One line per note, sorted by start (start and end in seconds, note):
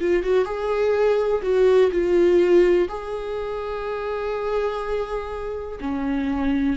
0.00 0.23 F4
0.23 0.45 F#4
0.45 1.42 G#4
1.42 1.90 F#4
1.91 2.88 F4
2.89 5.79 G#4
5.81 6.77 C#4